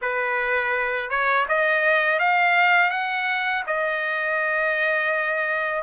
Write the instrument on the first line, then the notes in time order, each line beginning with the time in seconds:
trumpet
0.01 B4
1.09 C#5
1.48 D#5
2.19 F5
2.90 F#5
3.67 D#5